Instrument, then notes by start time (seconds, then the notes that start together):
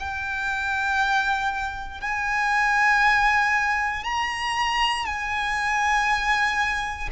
violin
0.00 G5
2.02 G#5
4.04 A#5
5.06 G#5